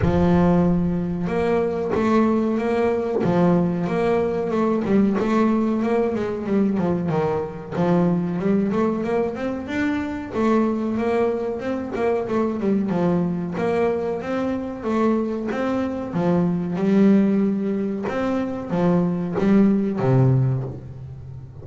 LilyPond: \new Staff \with { instrumentName = "double bass" } { \time 4/4 \tempo 4 = 93 f2 ais4 a4 | ais4 f4 ais4 a8 g8 | a4 ais8 gis8 g8 f8 dis4 | f4 g8 a8 ais8 c'8 d'4 |
a4 ais4 c'8 ais8 a8 g8 | f4 ais4 c'4 a4 | c'4 f4 g2 | c'4 f4 g4 c4 | }